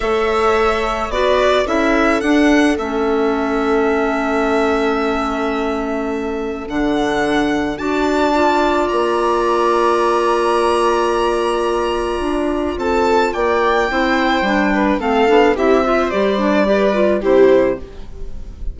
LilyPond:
<<
  \new Staff \with { instrumentName = "violin" } { \time 4/4 \tempo 4 = 108 e''2 d''4 e''4 | fis''4 e''2.~ | e''1 | fis''2 a''2 |
ais''1~ | ais''2. a''4 | g''2. f''4 | e''4 d''2 c''4 | }
  \new Staff \with { instrumentName = "viola" } { \time 4/4 cis''2 b'4 a'4~ | a'1~ | a'1~ | a'2 d''2~ |
d''1~ | d''2. a'4 | d''4 c''4. b'8 a'4 | g'8 c''4. b'4 g'4 | }
  \new Staff \with { instrumentName = "clarinet" } { \time 4/4 a'2 fis'4 e'4 | d'4 cis'2.~ | cis'1 | d'2 fis'4 f'4~ |
f'1~ | f'1~ | f'4 e'4 d'4 c'8 d'8 | e'8 f'8 g'8 d'8 g'8 f'8 e'4 | }
  \new Staff \with { instrumentName = "bassoon" } { \time 4/4 a2 b4 cis'4 | d'4 a2.~ | a1 | d2 d'2 |
ais1~ | ais2 d'4 c'4 | ais4 c'4 g4 a8 b8 | c'4 g2 c4 | }
>>